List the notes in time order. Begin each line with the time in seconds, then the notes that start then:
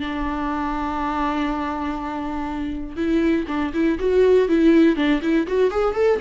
0.00 D4
2.96 E4
3.48 D4
3.74 E4
3.99 F#4
4.48 E4
4.96 D4
5.22 E4
5.47 F#4
5.71 G#4
5.95 A4